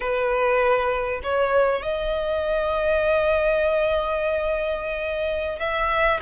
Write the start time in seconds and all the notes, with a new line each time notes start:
0.00 B4
1.23 C#5
1.82 D#5
5.59 E5